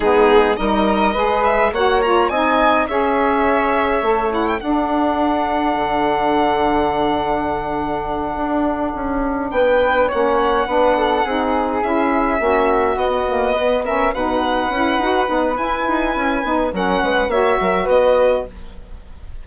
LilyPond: <<
  \new Staff \with { instrumentName = "violin" } { \time 4/4 \tempo 4 = 104 gis'4 dis''4. e''8 fis''8 ais''8 | gis''4 e''2~ e''8 fis''16 g''16 | fis''1~ | fis''1~ |
fis''8 g''4 fis''2~ fis''8~ | fis''8 e''2 dis''4. | e''8 fis''2~ fis''8 gis''4~ | gis''4 fis''4 e''4 dis''4 | }
  \new Staff \with { instrumentName = "flute" } { \time 4/4 dis'4 ais'4 b'4 cis''4 | dis''4 cis''2. | a'1~ | a'1~ |
a'8 b'4 cis''4 b'8 a'8 gis'8~ | gis'4. fis'2 b'8 | ais'8 b'2.~ b'8~ | b'4 ais'8 b'8 cis''8 ais'8 b'4 | }
  \new Staff \with { instrumentName = "saxophone" } { \time 4/4 b4 dis'4 gis'4 fis'8 f'8 | dis'4 gis'2 a'8 e'8 | d'1~ | d'1~ |
d'4. cis'4 d'4 dis'8~ | dis'8 e'4 cis'4 b8 ais8 b8 | cis'8 dis'4 e'8 fis'8 dis'8 e'4~ | e'8 dis'8 cis'4 fis'2 | }
  \new Staff \with { instrumentName = "bassoon" } { \time 4/4 gis4 g4 gis4 ais4 | c'4 cis'2 a4 | d'2 d2~ | d2~ d8 d'4 cis'8~ |
cis'8 b4 ais4 b4 c'8~ | c'8 cis'4 ais4 b4.~ | b8 b,4 cis'8 dis'8 b8 e'8 dis'8 | cis'8 b8 fis8 gis8 ais8 fis8 b4 | }
>>